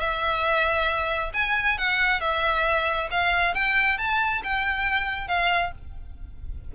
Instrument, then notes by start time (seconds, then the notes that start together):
violin
0.00 E5
1.34 G#5
1.78 F#5
2.21 E5
3.11 F5
3.55 G5
3.98 A5
4.44 G5
5.28 F5